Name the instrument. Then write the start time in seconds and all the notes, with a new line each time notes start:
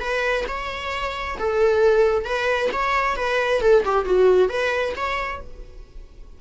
viola
0.00 B4
0.47 C#5
1.38 A4
2.25 B4
2.72 C#5
3.16 B4
3.61 A4
3.84 G4
4.05 F#4
4.49 B4
4.96 C#5